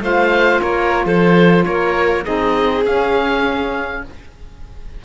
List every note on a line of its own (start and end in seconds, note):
0.00 0.59 A3
0.00 2.23 F4
0.00 0.60 C5
0.00 0.61 F5
0.60 1.05 A#3
0.60 1.05 A#4
0.60 1.06 C#5
1.05 1.64 F3
1.05 1.65 A4
1.05 1.64 C5
1.64 2.26 A#3
1.64 2.24 A#4
1.64 2.23 C#5
2.23 2.85 C4
2.23 2.83 D#4
2.23 4.02 G#4
2.23 2.84 D#5
2.85 4.04 C#4
2.85 4.04 F5